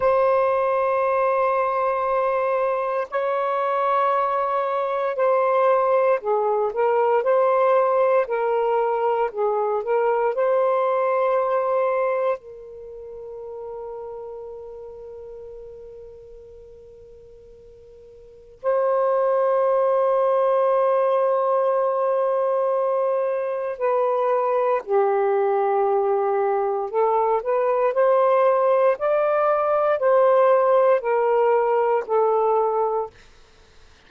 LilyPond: \new Staff \with { instrumentName = "saxophone" } { \time 4/4 \tempo 4 = 58 c''2. cis''4~ | cis''4 c''4 gis'8 ais'8 c''4 | ais'4 gis'8 ais'8 c''2 | ais'1~ |
ais'2 c''2~ | c''2. b'4 | g'2 a'8 b'8 c''4 | d''4 c''4 ais'4 a'4 | }